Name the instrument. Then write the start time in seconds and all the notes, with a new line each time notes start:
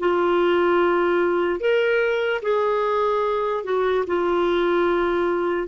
clarinet
0.00 F4
1.60 A#4
2.43 G#4
3.64 F#4
4.07 F4